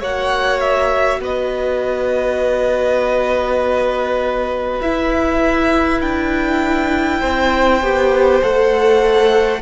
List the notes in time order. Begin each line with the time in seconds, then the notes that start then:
0.00 A#3 F#4 C#5 F#5
0.60 E5
1.20 B3 B4 D#5
4.81 E4 E5
6.01 D4 G5
7.20 C4 C5
7.81 B3 G4
8.42 A3 A4 F#5